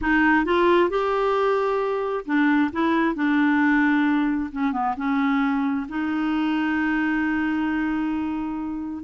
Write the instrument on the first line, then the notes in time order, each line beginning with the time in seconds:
clarinet
0.01 D#4
0.45 F4
0.89 G4
2.25 D4
2.72 E4
3.15 D4
4.51 C#4
4.72 B3
4.96 C#4
5.89 D#4